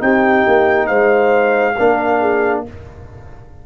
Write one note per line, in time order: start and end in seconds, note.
0.00 0.45 C4
0.00 1.74 D#4
0.00 0.88 G4
0.00 0.87 G5
0.48 0.90 A#3
0.87 1.77 G#3
0.87 1.75 C5
0.87 2.61 F5
1.78 2.67 A#3
1.78 2.66 D4
1.78 2.21 A#4
2.21 2.64 G#4